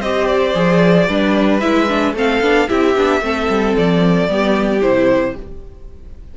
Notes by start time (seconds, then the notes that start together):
0.00 C4 G4 C5 D#5
0.27 D5
0.54 F3 G#4
1.07 G3 D4 B4
1.60 G#3 E4 E5
1.88 D4
2.13 A3 C4 A4 F5
2.41 B3 D4
2.68 C4 E4 G4 E5
2.96 B3 D4
3.21 A3 C4 A4
3.49 G3
3.77 F3 D5
4.28 G3 B3 G4
4.82 C3 E4 C5